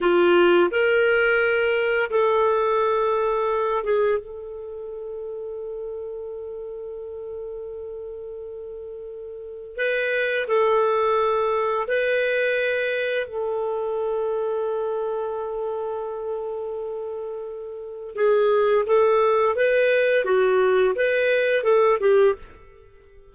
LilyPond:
\new Staff \with { instrumentName = "clarinet" } { \time 4/4 \tempo 4 = 86 f'4 ais'2 a'4~ | a'4. gis'8 a'2~ | a'1~ | a'2 b'4 a'4~ |
a'4 b'2 a'4~ | a'1~ | a'2 gis'4 a'4 | b'4 fis'4 b'4 a'8 g'8 | }